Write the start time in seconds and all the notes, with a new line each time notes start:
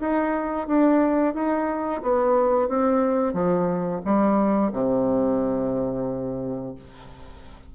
0.00 D#4
0.67 D4
1.34 D#4
2.02 B3
2.68 C4
3.33 F3
4.04 G3
4.72 C3